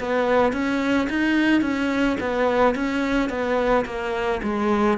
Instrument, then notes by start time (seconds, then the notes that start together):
cello
0.00 B3
0.53 C#4
1.09 D#4
1.62 C#4
2.20 B3
2.75 C#4
3.30 B3
3.86 A#3
4.43 G#3